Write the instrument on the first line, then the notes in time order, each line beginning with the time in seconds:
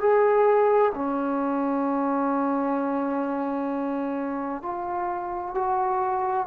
trombone
0.00 G#4
0.94 C#4
4.62 F4
5.54 F#4